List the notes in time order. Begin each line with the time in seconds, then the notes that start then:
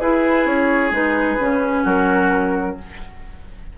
0.00 E4 G#4 B4
0.45 C#4 C#5
0.91 G#3 D#4 B4
1.40 C#3 C#4
1.84 F#3 F#4 A#4